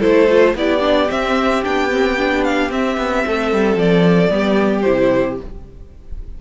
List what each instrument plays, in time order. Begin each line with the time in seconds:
0.00 cello A3, viola E4, violin A4 C5
0.29 viola F4
0.55 cello B3, viola E4, violin G4 D5
0.80 viola D4
1.09 viola C4, cello C4, violin E5
1.64 cello B3, viola D4, violin G5
1.91 viola C4
2.18 viola D4
2.44 violin F5
2.70 viola C4, cello C4, violin E5
2.97 cello B3
3.27 cello A3, violin A4
3.53 cello G3
3.76 cello F3, violin D5
4.30 cello G3, viola B3, violin G4
4.82 cello C3, viola E4, violin C5